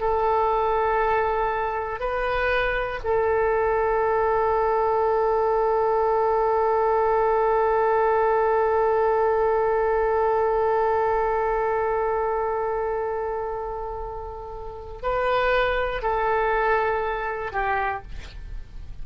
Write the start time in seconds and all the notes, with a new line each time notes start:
0.00 A4
2.00 B4
3.04 A4
15.02 B4
16.02 A4
17.52 G4